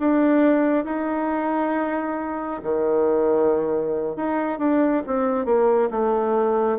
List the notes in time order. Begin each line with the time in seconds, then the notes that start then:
0.00 D4
0.85 D#4
2.64 D#3
4.17 D#4
4.59 D4
5.07 C4
5.46 A#3
5.91 A3